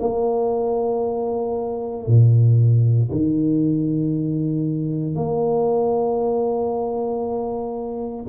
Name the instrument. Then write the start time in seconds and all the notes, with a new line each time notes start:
tuba
0.00 A#3
2.07 A#2
3.11 D#3
5.15 A#3